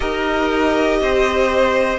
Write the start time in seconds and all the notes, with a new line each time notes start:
0.00 D#4 G4 A#4 D#5
1.01 C4 C5